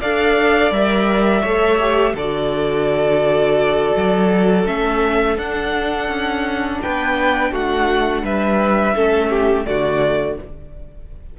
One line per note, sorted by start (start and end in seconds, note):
0.00 0.71 D4
0.00 0.72 A4
0.00 1.41 D5
0.00 0.72 F5
0.71 1.42 G3
0.71 1.43 A#4
0.71 2.15 E5
1.41 2.13 A3
1.41 1.79 A4
1.41 2.13 C#5
1.79 2.15 G4
2.13 3.92 D3
2.13 4.65 F#4
2.13 6.79 A4
2.13 4.66 D5
3.96 4.66 F#3
4.65 5.37 A3
4.65 5.36 C#4
4.65 5.37 E5
5.37 6.08 D4
5.37 8.95 D4
5.37 6.81 F#5
6.08 6.79 C#4
6.82 7.51 B3
6.82 7.51 B4
6.82 7.53 G5
7.51 8.22 A3
7.51 8.23 F#4
7.51 8.25 F#5
8.22 8.94 G3
8.22 8.94 B4
8.22 9.65 E5
8.94 9.66 A3
8.94 9.65 C#4
8.94 9.30 A4
9.30 9.65 G4
9.65 10.37 D3
9.65 10.36 A3
9.65 10.39 F#4
9.65 10.37 D5